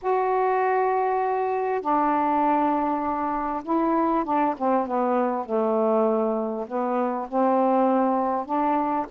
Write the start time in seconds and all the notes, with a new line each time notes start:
0.02 F#4
1.81 D4
3.63 E4
4.24 D4
4.57 C4
4.87 B3
5.45 A3
6.67 B3
7.28 C4
8.45 D4